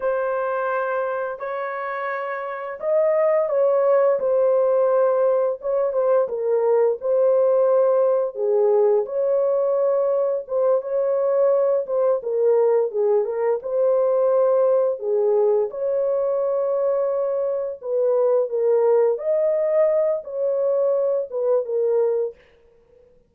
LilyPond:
\new Staff \with { instrumentName = "horn" } { \time 4/4 \tempo 4 = 86 c''2 cis''2 | dis''4 cis''4 c''2 | cis''8 c''8 ais'4 c''2 | gis'4 cis''2 c''8 cis''8~ |
cis''4 c''8 ais'4 gis'8 ais'8 c''8~ | c''4. gis'4 cis''4.~ | cis''4. b'4 ais'4 dis''8~ | dis''4 cis''4. b'8 ais'4 | }